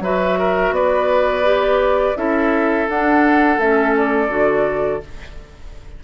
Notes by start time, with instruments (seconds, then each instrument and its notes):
0.00 bassoon F#3, clarinet F#4, oboe B4, flute E5
0.39 oboe A#4
0.71 bassoon B3, oboe B4, flute D5
1.44 clarinet G4
2.17 bassoon C#4, clarinet E4, oboe A4, flute E5
2.90 bassoon D4, clarinet D4, flute F#5
3.58 bassoon A3, clarinet C#4, flute E5
3.97 flute D5
4.29 bassoon D3, clarinet F#4